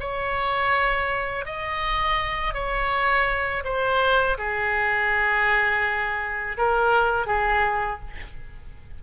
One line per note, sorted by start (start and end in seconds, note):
0.00 1.45 C#5
1.45 2.54 D#5
2.54 3.64 C#5
3.64 4.37 C5
4.38 6.57 G#4
6.57 7.26 A#4
7.26 8.00 G#4